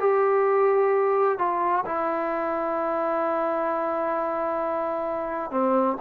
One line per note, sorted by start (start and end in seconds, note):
0.00 1.38 G4
1.38 1.85 F4
1.86 5.51 E4
5.51 5.97 C4